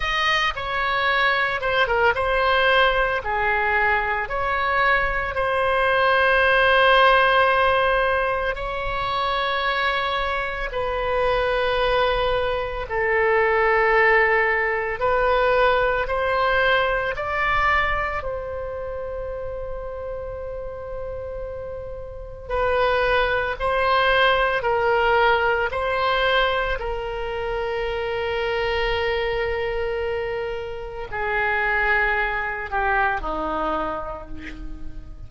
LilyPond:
\new Staff \with { instrumentName = "oboe" } { \time 4/4 \tempo 4 = 56 dis''8 cis''4 c''16 ais'16 c''4 gis'4 | cis''4 c''2. | cis''2 b'2 | a'2 b'4 c''4 |
d''4 c''2.~ | c''4 b'4 c''4 ais'4 | c''4 ais'2.~ | ais'4 gis'4. g'8 dis'4 | }